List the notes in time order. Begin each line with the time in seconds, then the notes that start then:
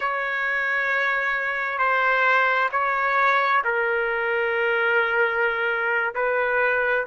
0.00 C#5
1.78 C5
2.71 C#5
3.64 A#4
6.14 B4